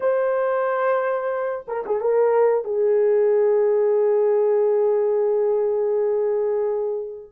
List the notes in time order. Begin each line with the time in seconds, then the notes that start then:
0.00 C5
1.67 A#4
1.85 G#4
2.01 A#4
2.64 G#4